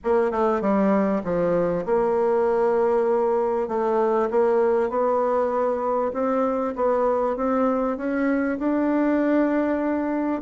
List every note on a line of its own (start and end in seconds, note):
0.04 0.31 A#3
0.31 0.61 A3
0.61 1.22 G3
1.24 1.85 F3
1.85 3.68 A#3
3.68 4.29 A3
4.30 4.89 A#3
4.89 6.12 B3
6.13 6.74 C4
6.75 7.36 B3
7.36 7.97 C4
7.97 8.58 C#4
8.59 10.41 D4